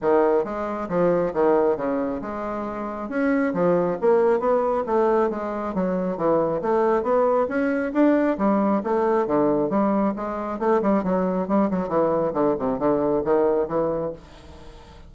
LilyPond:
\new Staff \with { instrumentName = "bassoon" } { \time 4/4 \tempo 4 = 136 dis4 gis4 f4 dis4 | cis4 gis2 cis'4 | f4 ais4 b4 a4 | gis4 fis4 e4 a4 |
b4 cis'4 d'4 g4 | a4 d4 g4 gis4 | a8 g8 fis4 g8 fis8 e4 | d8 c8 d4 dis4 e4 | }